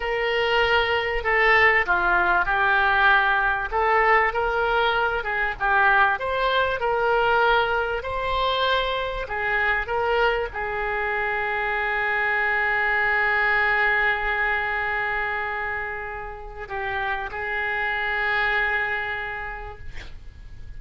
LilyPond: \new Staff \with { instrumentName = "oboe" } { \time 4/4 \tempo 4 = 97 ais'2 a'4 f'4 | g'2 a'4 ais'4~ | ais'8 gis'8 g'4 c''4 ais'4~ | ais'4 c''2 gis'4 |
ais'4 gis'2.~ | gis'1~ | gis'2. g'4 | gis'1 | }